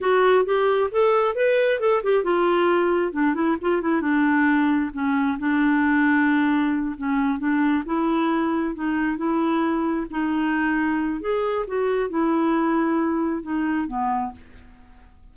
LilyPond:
\new Staff \with { instrumentName = "clarinet" } { \time 4/4 \tempo 4 = 134 fis'4 g'4 a'4 b'4 | a'8 g'8 f'2 d'8 e'8 | f'8 e'8 d'2 cis'4 | d'2.~ d'8 cis'8~ |
cis'8 d'4 e'2 dis'8~ | dis'8 e'2 dis'4.~ | dis'4 gis'4 fis'4 e'4~ | e'2 dis'4 b4 | }